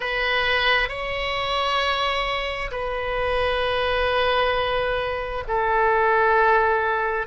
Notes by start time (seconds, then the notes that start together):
0.00 B4
0.88 C#5
2.71 B4
5.47 A4